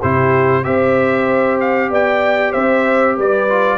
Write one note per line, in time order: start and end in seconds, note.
0.00 0.66 C3
0.00 0.64 E4
0.00 0.63 G4
0.00 0.64 C5
0.64 1.90 C4
0.64 3.48 G4
0.64 1.90 C5
0.64 1.59 E5
1.60 1.92 F5
1.90 2.54 B3
1.90 2.52 D5
1.90 2.52 G5
2.52 3.18 C4
2.52 3.15 C5
2.52 3.16 E5
3.16 3.77 G3
3.16 3.77 B4
3.16 3.77 D5
3.49 3.77 F4